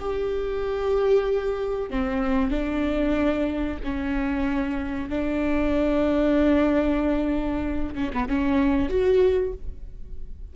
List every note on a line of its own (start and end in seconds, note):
0.00 1.90 G4
1.90 2.51 C4
2.51 3.79 D4
3.84 5.10 C#4
5.10 7.95 D4
7.95 8.11 C#4
8.14 8.29 B3
8.29 8.90 C#4
8.90 9.53 F#4